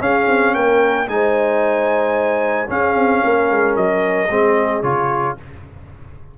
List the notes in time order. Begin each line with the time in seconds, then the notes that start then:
0.00 C#4 G#4 F5
0.27 C4
0.54 A#3 A#4 G5
1.08 G#3 D#4 C5 G#5
2.67 C#4 G#4 F5
2.95 C4
3.23 A#3 A#4
3.50 G#3
3.76 F#3 D#5
4.30 G#3 C4 G#4
4.82 C#3 F4 C#5